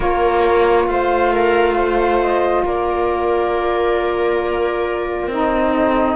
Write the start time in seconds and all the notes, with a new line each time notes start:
0.00 A#3 F4 A#4 C#5
0.87 A3 C5 F5
1.33 A#4
1.75 C5
2.20 D#5
2.64 A#3 A#4 D5
5.27 C4 D#4 D#5
5.74 A4